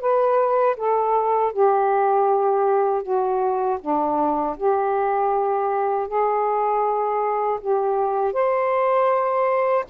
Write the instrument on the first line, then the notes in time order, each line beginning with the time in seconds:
saxophone
0.00 B4
0.76 A4
1.52 G4
3.02 F#4
3.80 D4
4.56 G4
6.07 G#4
7.60 G4
8.33 C5